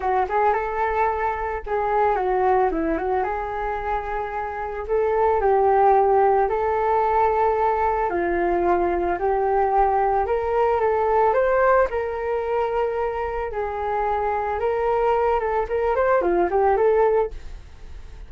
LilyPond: \new Staff \with { instrumentName = "flute" } { \time 4/4 \tempo 4 = 111 fis'8 gis'8 a'2 gis'4 | fis'4 e'8 fis'8 gis'2~ | gis'4 a'4 g'2 | a'2. f'4~ |
f'4 g'2 ais'4 | a'4 c''4 ais'2~ | ais'4 gis'2 ais'4~ | ais'8 a'8 ais'8 c''8 f'8 g'8 a'4 | }